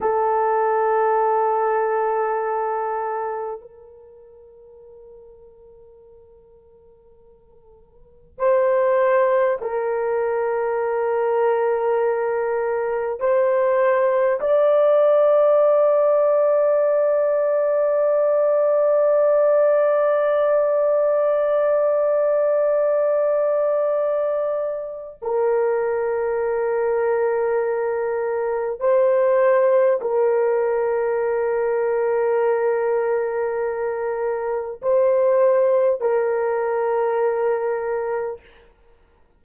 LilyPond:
\new Staff \with { instrumentName = "horn" } { \time 4/4 \tempo 4 = 50 a'2. ais'4~ | ais'2. c''4 | ais'2. c''4 | d''1~ |
d''1~ | d''4 ais'2. | c''4 ais'2.~ | ais'4 c''4 ais'2 | }